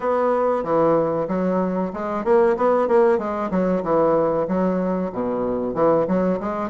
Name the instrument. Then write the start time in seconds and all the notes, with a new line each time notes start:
bassoon
0.00 B3
0.63 E3
1.28 F#3
1.93 G#3
2.24 A#3
2.56 B3
2.88 A#3
3.18 G#3
3.50 F#3
3.83 E3
4.47 F#3
5.12 B2
5.74 E3
6.07 F#3
6.39 G#3